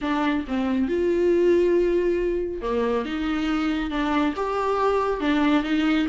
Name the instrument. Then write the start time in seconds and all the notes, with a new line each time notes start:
viola
0.01 D4
0.47 C4
0.88 F4
2.61 A#3
3.05 D#4
3.90 D4
4.36 G4
5.20 D4
5.63 D#4